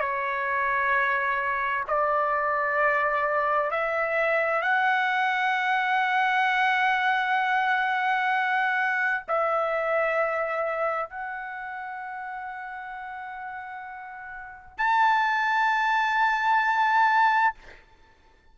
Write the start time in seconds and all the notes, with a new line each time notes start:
0.00 C#5
1.88 D5
3.71 E5
4.62 F#5
9.28 E5
11.10 F#5
14.78 A5